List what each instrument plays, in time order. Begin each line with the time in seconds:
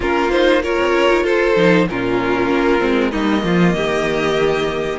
0.00 cello A#3, viola C#4, violin F4 A#4
0.31 viola D#4, violin C5
0.62 viola F4, violin A#4 C#5
0.78 cello C4
0.93 cello C#4
1.10 cello D#4
1.23 cello F4, violin A4 C5
1.56 cello F3, viola D#4
1.89 cello A#2, viola C#4, violin F4 A#4
2.50 cello A#3
2.79 cello G#3, viola C4
3.11 cello G3, viola A#3, violin D#4 D#5
3.43 cello F3, violin F4
3.74 cello D#3, violin G4